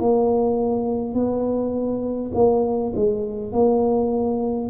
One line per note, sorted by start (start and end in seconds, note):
0.00 1.14 A#3
1.14 2.32 B3
2.35 2.94 A#3
2.96 3.52 G#3
3.52 4.70 A#3